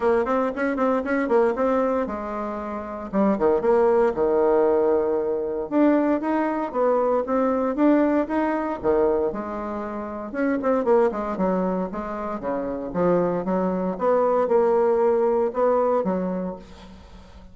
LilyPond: \new Staff \with { instrumentName = "bassoon" } { \time 4/4 \tempo 4 = 116 ais8 c'8 cis'8 c'8 cis'8 ais8 c'4 | gis2 g8 dis8 ais4 | dis2. d'4 | dis'4 b4 c'4 d'4 |
dis'4 dis4 gis2 | cis'8 c'8 ais8 gis8 fis4 gis4 | cis4 f4 fis4 b4 | ais2 b4 fis4 | }